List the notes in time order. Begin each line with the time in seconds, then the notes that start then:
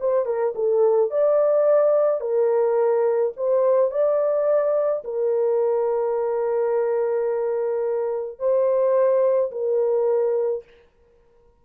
0.00 C5
0.25 A#4
0.55 A4
1.10 D5
2.20 A#4
3.36 C5
3.91 D5
5.04 A#4
8.39 C5
9.51 A#4